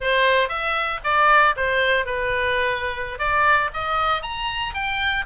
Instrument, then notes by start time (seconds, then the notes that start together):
oboe
0.00 C5
0.48 E5
1.03 D5
1.56 C5
2.05 B4
3.18 D5
3.73 D#5
4.22 A#5
4.73 G5